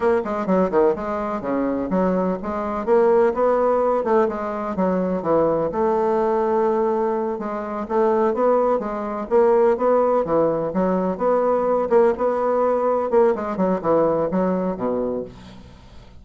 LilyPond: \new Staff \with { instrumentName = "bassoon" } { \time 4/4 \tempo 4 = 126 ais8 gis8 fis8 dis8 gis4 cis4 | fis4 gis4 ais4 b4~ | b8 a8 gis4 fis4 e4 | a2.~ a8 gis8~ |
gis8 a4 b4 gis4 ais8~ | ais8 b4 e4 fis4 b8~ | b4 ais8 b2 ais8 | gis8 fis8 e4 fis4 b,4 | }